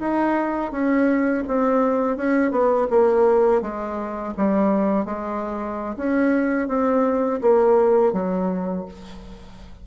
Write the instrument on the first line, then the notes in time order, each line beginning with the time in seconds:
bassoon
0.00 D#4
0.72 C#4
1.48 C4
2.17 C#4
2.51 B3
2.90 A#3
3.62 G#3
4.37 G3
5.05 G#3
5.97 C#4
6.68 C4
7.42 A#3
8.13 F#3